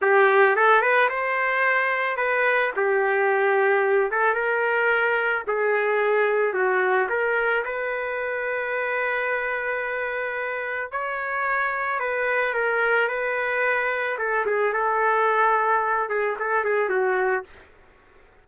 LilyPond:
\new Staff \with { instrumentName = "trumpet" } { \time 4/4 \tempo 4 = 110 g'4 a'8 b'8 c''2 | b'4 g'2~ g'8 a'8 | ais'2 gis'2 | fis'4 ais'4 b'2~ |
b'1 | cis''2 b'4 ais'4 | b'2 a'8 gis'8 a'4~ | a'4. gis'8 a'8 gis'8 fis'4 | }